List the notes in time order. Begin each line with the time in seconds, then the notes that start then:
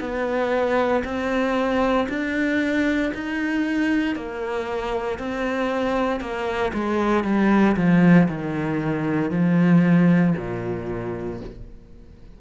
0.00 B3
1.04 C4
2.09 D4
3.14 D#4
4.16 A#3
5.19 C4
6.21 A#3
6.74 G#3
7.24 G3
7.77 F3
8.29 D#3
9.31 F3
10.37 A#2